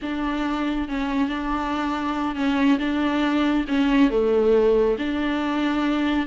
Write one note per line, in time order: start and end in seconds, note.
0.02 0.88 D4
0.88 1.28 C#4
1.28 2.35 D4
2.35 2.78 C#4
2.78 3.65 D4
3.68 4.10 C#4
4.10 4.96 A3
4.98 6.26 D4